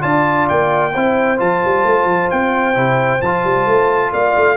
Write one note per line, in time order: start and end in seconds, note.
0.00 0.50 D4
0.00 0.91 F4
0.00 0.92 D5
0.00 0.48 A5
0.48 0.95 A#3
0.48 1.39 G5
0.92 1.40 C4
0.92 1.37 E4
0.92 4.11 C5
1.37 1.63 F3
1.37 2.74 F4
1.37 2.30 A5
1.65 1.84 G3
1.84 2.05 A3
2.05 2.28 F3
2.30 2.76 C4
2.30 3.21 G5
2.74 3.21 C3
2.74 3.20 E4
3.21 3.44 F3
3.21 4.56 F4
3.21 4.12 A5
3.44 3.66 G3
3.66 4.11 A3
4.12 4.35 A#3
4.12 4.56 D5
4.12 4.56 F5
4.36 4.56 A3